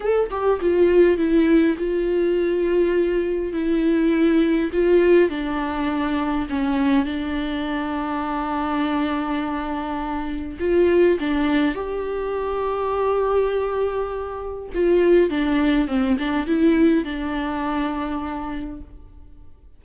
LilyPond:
\new Staff \with { instrumentName = "viola" } { \time 4/4 \tempo 4 = 102 a'8 g'8 f'4 e'4 f'4~ | f'2 e'2 | f'4 d'2 cis'4 | d'1~ |
d'2 f'4 d'4 | g'1~ | g'4 f'4 d'4 c'8 d'8 | e'4 d'2. | }